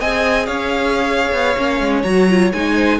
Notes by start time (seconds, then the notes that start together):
0.00 C4 G#4 D#5 G#5
0.46 C#4 C#5 F5
1.32 B3
1.57 A#3 C#4
1.80 G#3
2.03 F#3 F#4 A#5
2.29 F4
2.52 G#3 D#4 G#5
2.75 C5